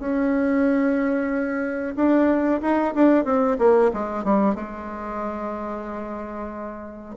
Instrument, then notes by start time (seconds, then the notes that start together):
bassoon
0.00 C#4
1.96 D4
2.62 D#4
2.95 D4
3.25 C4
3.59 A#3
3.94 G#3
4.25 G3
4.56 G#3